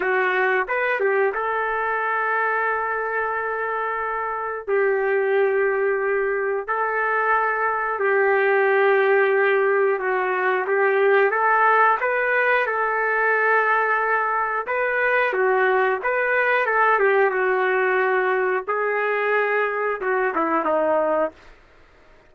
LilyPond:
\new Staff \with { instrumentName = "trumpet" } { \time 4/4 \tempo 4 = 90 fis'4 b'8 g'8 a'2~ | a'2. g'4~ | g'2 a'2 | g'2. fis'4 |
g'4 a'4 b'4 a'4~ | a'2 b'4 fis'4 | b'4 a'8 g'8 fis'2 | gis'2 fis'8 e'8 dis'4 | }